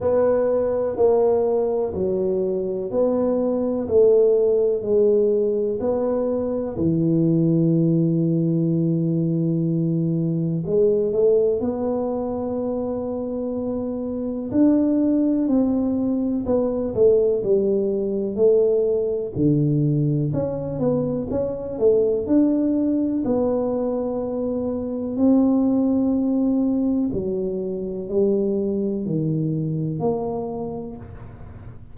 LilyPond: \new Staff \with { instrumentName = "tuba" } { \time 4/4 \tempo 4 = 62 b4 ais4 fis4 b4 | a4 gis4 b4 e4~ | e2. gis8 a8 | b2. d'4 |
c'4 b8 a8 g4 a4 | d4 cis'8 b8 cis'8 a8 d'4 | b2 c'2 | fis4 g4 dis4 ais4 | }